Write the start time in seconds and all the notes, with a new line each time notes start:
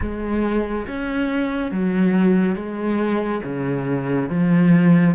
0.00 G#3
0.87 C#4
1.71 F#3
2.55 G#3
3.43 C#3
4.29 F3